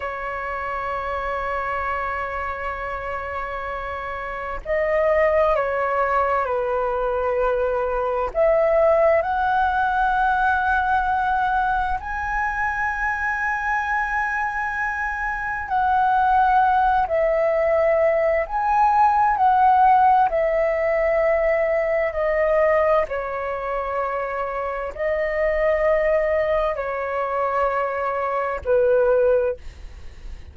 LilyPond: \new Staff \with { instrumentName = "flute" } { \time 4/4 \tempo 4 = 65 cis''1~ | cis''4 dis''4 cis''4 b'4~ | b'4 e''4 fis''2~ | fis''4 gis''2.~ |
gis''4 fis''4. e''4. | gis''4 fis''4 e''2 | dis''4 cis''2 dis''4~ | dis''4 cis''2 b'4 | }